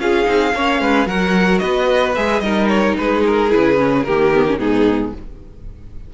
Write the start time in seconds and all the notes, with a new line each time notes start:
0.00 C#4 F4 G#4 F5
0.25 C4 D#4
0.55 A#3 C#4 C#5
0.81 G#3 B4
1.07 F#3 F#4 A#4 F#5
1.59 B3 B4 D#5
2.16 G#3 G#4 E5
2.40 G3 D#4 A#4 D#5
2.69 C#5
2.98 G#3 G#4 B4
3.27 A#4
3.50 E4 B4
3.56 C#3
3.77 C#4
4.04 D#3 A#3 G4 A#4
4.35 B3
4.48 C#4
4.59 G#2 B3 D#4 G#4